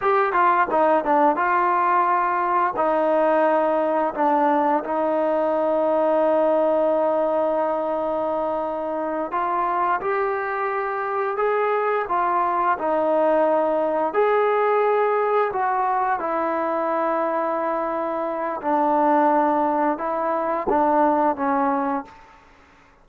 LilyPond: \new Staff \with { instrumentName = "trombone" } { \time 4/4 \tempo 4 = 87 g'8 f'8 dis'8 d'8 f'2 | dis'2 d'4 dis'4~ | dis'1~ | dis'4. f'4 g'4.~ |
g'8 gis'4 f'4 dis'4.~ | dis'8 gis'2 fis'4 e'8~ | e'2. d'4~ | d'4 e'4 d'4 cis'4 | }